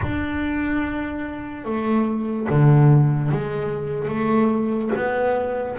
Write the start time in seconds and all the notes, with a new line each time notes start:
0.02 D4
1.64 A3
2.49 D3
3.31 G#3
4.08 A3
4.95 B3